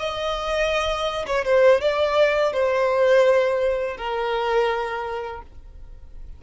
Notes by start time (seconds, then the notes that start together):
0.00 D#5
1.27 C#5
1.46 C5
1.81 D5
2.53 C5
3.98 A#4